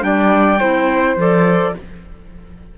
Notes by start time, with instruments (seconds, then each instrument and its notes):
0.00 cello G3, clarinet D4, flute D5, trumpet G5
0.59 cello C4, clarinet E4, flute C5
1.16 cello F3, clarinet A4, trumpet D5